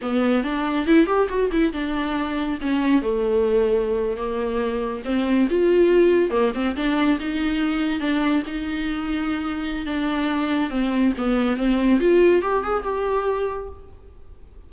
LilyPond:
\new Staff \with { instrumentName = "viola" } { \time 4/4 \tempo 4 = 140 b4 d'4 e'8 g'8 fis'8 e'8 | d'2 cis'4 a4~ | a4.~ a16 ais2 c'16~ | c'8. f'2 ais8 c'8 d'16~ |
d'8. dis'2 d'4 dis'16~ | dis'2. d'4~ | d'4 c'4 b4 c'4 | f'4 g'8 gis'8 g'2 | }